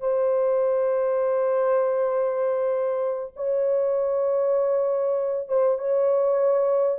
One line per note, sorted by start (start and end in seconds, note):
0.00 3.33 C5
3.36 5.48 C#5
5.48 5.79 C5
5.79 6.98 C#5